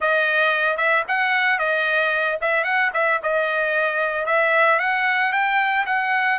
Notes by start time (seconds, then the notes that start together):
0.00 D#5
0.77 E5
1.08 F#5
1.58 D#5
2.41 E5
2.64 F#5
2.93 E5
3.22 D#5
4.26 E5
4.79 F#5
5.32 G5
5.86 F#5